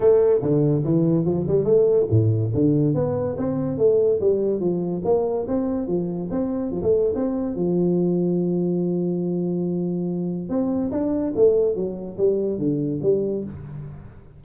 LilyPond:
\new Staff \with { instrumentName = "tuba" } { \time 4/4 \tempo 4 = 143 a4 d4 e4 f8 g8 | a4 a,4 d4 b4 | c'4 a4 g4 f4 | ais4 c'4 f4 c'4 |
f16 a8. c'4 f2~ | f1~ | f4 c'4 d'4 a4 | fis4 g4 d4 g4 | }